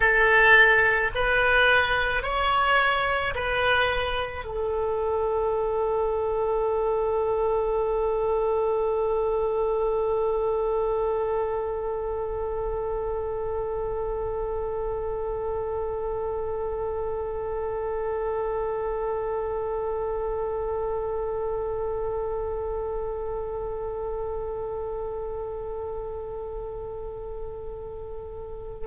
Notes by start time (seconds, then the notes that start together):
0.00 A4
1.14 B4
2.22 C#5
3.34 B4
4.44 A4